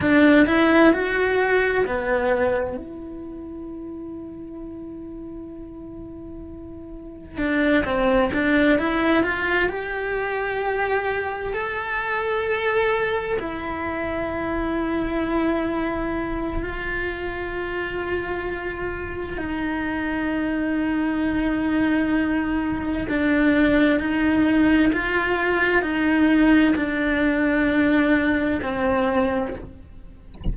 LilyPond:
\new Staff \with { instrumentName = "cello" } { \time 4/4 \tempo 4 = 65 d'8 e'8 fis'4 b4 e'4~ | e'1 | d'8 c'8 d'8 e'8 f'8 g'4.~ | g'8 a'2 e'4.~ |
e'2 f'2~ | f'4 dis'2.~ | dis'4 d'4 dis'4 f'4 | dis'4 d'2 c'4 | }